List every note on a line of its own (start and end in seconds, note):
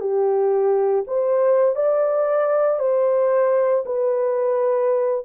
0.00 1.05 G4
1.07 1.76 C5
1.76 2.79 D5
2.79 3.84 C5
3.85 5.25 B4